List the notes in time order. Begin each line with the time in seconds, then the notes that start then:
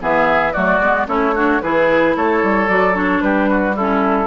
0.00 E3 B3 G#4 E5
0.52 F#3 A3 F#4 D5
0.79 G#3 B3
1.07 A3 C#4 E4 C#5
1.35 D4 F#4
1.61 E3 E4 G#4 B4
2.16 A3 A4 C#5
2.43 G3
2.68 F#3 F#4 D5
2.93 D4 C#5
3.21 G3 G4 B4
3.49 F#4
3.75 C#4 E4 A4